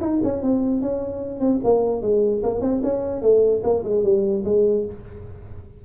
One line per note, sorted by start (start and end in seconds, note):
0.00 0.20 D#4
0.23 0.42 C#4
0.42 0.81 C4
0.81 1.39 C#4
1.39 1.60 C4
1.63 2.01 A#3
2.01 2.42 G#3
2.43 2.61 A#3
2.61 2.81 C4
2.82 3.22 C#4
3.22 3.62 A3
3.63 3.83 A#3
3.83 4.03 G#3
4.03 4.44 G3
4.44 4.85 G#3